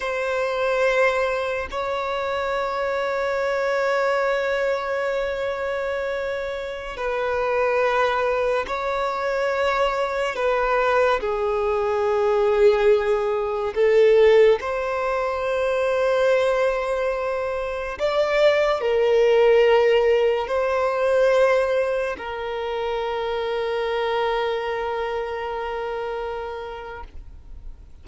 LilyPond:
\new Staff \with { instrumentName = "violin" } { \time 4/4 \tempo 4 = 71 c''2 cis''2~ | cis''1~ | cis''16 b'2 cis''4.~ cis''16~ | cis''16 b'4 gis'2~ gis'8.~ |
gis'16 a'4 c''2~ c''8.~ | c''4~ c''16 d''4 ais'4.~ ais'16~ | ais'16 c''2 ais'4.~ ais'16~ | ais'1 | }